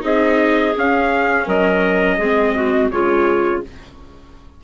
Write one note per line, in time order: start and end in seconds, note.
0.00 0.74 C4
0.00 0.71 D#4
0.00 1.45 G#4
0.00 0.75 D#5
0.77 1.47 C#4
0.77 2.20 C#4
0.77 1.48 F5
1.45 2.17 F#3
1.45 2.17 A#4
1.45 2.90 D#5
2.17 2.89 G#3
2.17 2.91 C4
2.17 2.53 G#4
2.54 2.90 F#4
2.90 3.62 C#3
2.90 3.62 G#3
2.90 3.63 F4
2.90 3.62 C#5